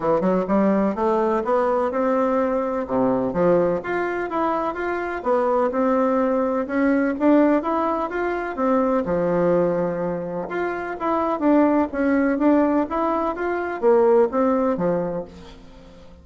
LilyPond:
\new Staff \with { instrumentName = "bassoon" } { \time 4/4 \tempo 4 = 126 e8 fis8 g4 a4 b4 | c'2 c4 f4 | f'4 e'4 f'4 b4 | c'2 cis'4 d'4 |
e'4 f'4 c'4 f4~ | f2 f'4 e'4 | d'4 cis'4 d'4 e'4 | f'4 ais4 c'4 f4 | }